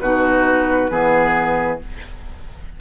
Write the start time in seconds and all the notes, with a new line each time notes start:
0.00 B2 D#4 F#4 B4
0.90 E3 B3 G#4